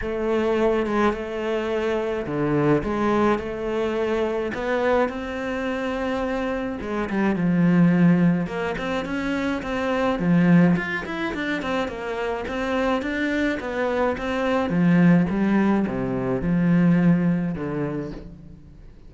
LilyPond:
\new Staff \with { instrumentName = "cello" } { \time 4/4 \tempo 4 = 106 a4. gis8 a2 | d4 gis4 a2 | b4 c'2. | gis8 g8 f2 ais8 c'8 |
cis'4 c'4 f4 f'8 e'8 | d'8 c'8 ais4 c'4 d'4 | b4 c'4 f4 g4 | c4 f2 d4 | }